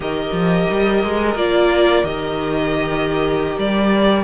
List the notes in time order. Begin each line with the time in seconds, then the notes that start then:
0.00 D#3 G4 A#4 D#5
0.32 F3
0.70 G3
1.03 G#3
1.34 A#3 F4 D5
2.03 D#3 G4 D#5
3.58 G3 D5